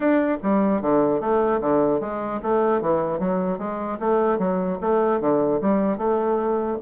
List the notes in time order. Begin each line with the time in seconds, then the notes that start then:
0.00 D4
0.42 G3
0.81 D3
1.20 A3
1.61 D3
2.00 G#3
2.42 A3
2.81 E3
3.19 F#3
3.58 G#3
3.99 A3
4.38 F#3
4.81 A3
5.20 D3
5.61 G3
5.97 A3